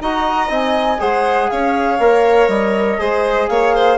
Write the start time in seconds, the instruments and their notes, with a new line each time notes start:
0.00 bassoon D#4, trombone F#4, violin D#5, flute A#5
0.48 bassoon C4, trombone D#4, flute G#5
0.99 bassoon G#3, trombone G#4, violin C5, flute F#5
1.50 bassoon C#4, violin C#5, flute F5
1.99 bassoon A#3, trombone A#4
2.48 bassoon G3, flute D#5
2.99 bassoon G#3, trombone G#4, violin C5
3.48 bassoon A#3, violin C#5, flute F5
3.75 violin C5